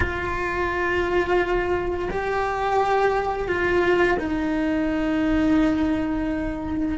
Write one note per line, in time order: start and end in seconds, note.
0.00 2.08 F4
2.10 3.48 G4
3.48 4.17 F4
4.19 6.98 D#4